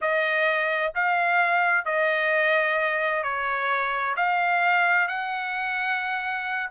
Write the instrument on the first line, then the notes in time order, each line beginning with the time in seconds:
trumpet
0.01 D#5
0.95 F5
1.85 D#5
3.23 C#5
4.16 F5
5.07 F#5